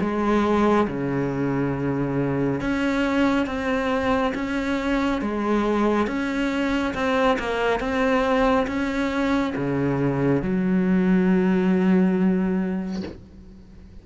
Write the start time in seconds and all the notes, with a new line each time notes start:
0.00 G#3
0.87 C#3
2.60 C#4
3.46 C4
4.34 C#4
5.21 G#3
6.07 C#4
6.94 C4
7.39 A#3
7.80 C4
8.67 C#4
9.56 C#3
10.42 F#3